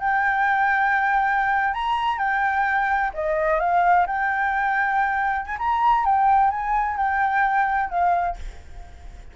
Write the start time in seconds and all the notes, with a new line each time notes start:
0.00 G5
1.74 A#5
2.19 G5
3.14 D#5
3.60 F5
4.07 G5
5.46 G#5
5.59 A#5
6.05 G5
6.51 G#5
6.97 G5
7.90 F5